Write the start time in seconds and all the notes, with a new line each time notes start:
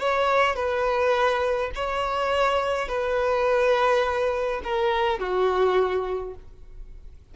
0.00 C#5
0.56 B4
1.75 C#5
2.89 B4
4.64 A#4
5.20 F#4